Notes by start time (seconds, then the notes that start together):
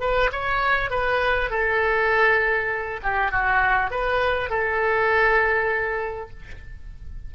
0.00 B4
0.32 C#5
0.90 B4
1.50 A4
3.03 G4
3.31 F#4
3.90 B4
4.50 A4